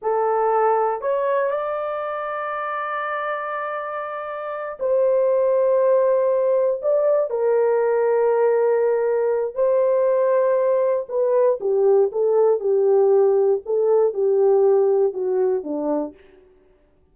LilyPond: \new Staff \with { instrumentName = "horn" } { \time 4/4 \tempo 4 = 119 a'2 cis''4 d''4~ | d''1~ | d''4. c''2~ c''8~ | c''4. d''4 ais'4.~ |
ais'2. c''4~ | c''2 b'4 g'4 | a'4 g'2 a'4 | g'2 fis'4 d'4 | }